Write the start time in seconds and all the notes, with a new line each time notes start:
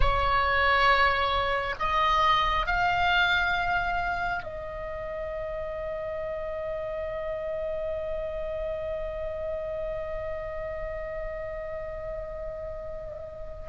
0.00 C#5
1.79 D#5
2.66 F5
4.43 D#5